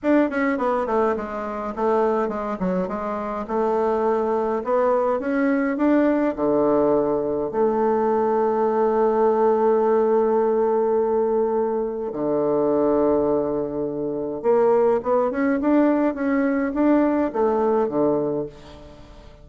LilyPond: \new Staff \with { instrumentName = "bassoon" } { \time 4/4 \tempo 4 = 104 d'8 cis'8 b8 a8 gis4 a4 | gis8 fis8 gis4 a2 | b4 cis'4 d'4 d4~ | d4 a2.~ |
a1~ | a4 d2.~ | d4 ais4 b8 cis'8 d'4 | cis'4 d'4 a4 d4 | }